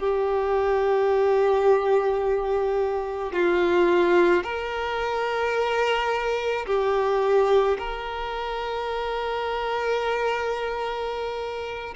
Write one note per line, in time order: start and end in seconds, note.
0.00 3.33 G4
3.33 4.44 F4
4.44 6.66 A#4
6.67 7.78 G4
7.78 11.95 A#4